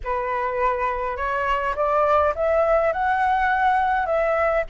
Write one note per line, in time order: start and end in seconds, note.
0.04 1.16 B4
1.16 1.74 C#5
1.75 2.34 D5
2.35 2.93 E5
2.93 4.05 F#5
4.05 4.64 E5